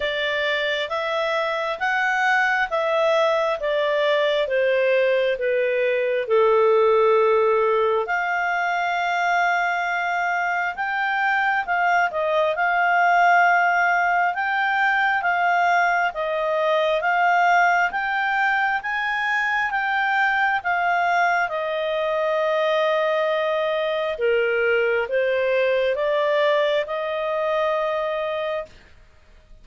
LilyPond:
\new Staff \with { instrumentName = "clarinet" } { \time 4/4 \tempo 4 = 67 d''4 e''4 fis''4 e''4 | d''4 c''4 b'4 a'4~ | a'4 f''2. | g''4 f''8 dis''8 f''2 |
g''4 f''4 dis''4 f''4 | g''4 gis''4 g''4 f''4 | dis''2. ais'4 | c''4 d''4 dis''2 | }